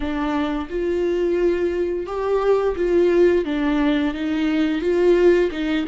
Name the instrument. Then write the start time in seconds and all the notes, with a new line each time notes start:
viola
0.00 D4
0.69 F4
2.06 G4
2.76 F4
3.45 D4
4.13 D#4
4.81 F4
5.51 D#4